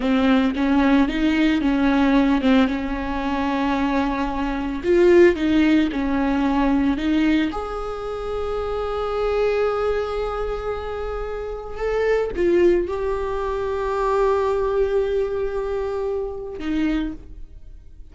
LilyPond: \new Staff \with { instrumentName = "viola" } { \time 4/4 \tempo 4 = 112 c'4 cis'4 dis'4 cis'4~ | cis'8 c'8 cis'2.~ | cis'4 f'4 dis'4 cis'4~ | cis'4 dis'4 gis'2~ |
gis'1~ | gis'2 a'4 f'4 | g'1~ | g'2. dis'4 | }